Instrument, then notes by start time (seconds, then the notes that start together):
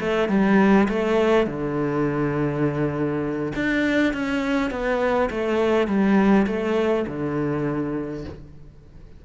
cello
0.00 A3
0.29 G3
0.89 A3
1.47 D3
3.56 D4
4.14 C#4
4.71 B3
5.30 A3
5.88 G3
6.47 A3
7.07 D3